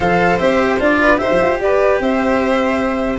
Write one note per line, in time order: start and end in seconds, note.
0.00 0.39 F3
0.00 0.38 A4
0.00 0.99 C5
0.00 0.38 F5
0.38 0.79 C4
0.38 0.78 G4
0.38 0.78 E5
0.79 1.19 D4
0.79 1.17 F4
0.79 1.18 D5
1.00 1.20 B4
1.17 1.29 D#4
1.17 3.17 G4
1.17 1.60 C5
1.17 1.58 E5
1.29 1.39 F3
1.41 1.59 F4
1.59 1.99 G4
1.59 2.02 B4
1.59 2.00 D5
1.99 3.18 C4
1.99 3.18 C5
1.99 3.18 E5